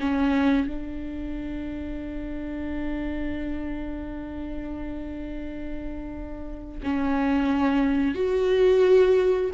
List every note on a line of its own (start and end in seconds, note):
0.00 0.68 C#4
0.68 6.81 D4
6.83 8.15 C#4
8.15 9.51 F#4